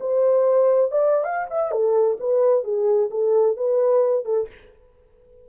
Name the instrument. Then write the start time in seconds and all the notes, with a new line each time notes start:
horn
0.00 C5
0.91 D5
1.24 F5
1.50 E5
1.71 A4
2.19 B4
2.64 G#4
3.10 A4
3.56 B4
4.25 A4